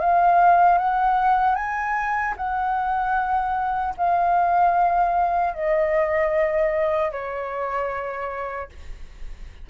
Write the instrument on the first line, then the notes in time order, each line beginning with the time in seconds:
flute
0.00 F5
0.78 F#5
1.55 G#5
2.37 F#5
3.97 F5
5.54 D#5
7.12 C#5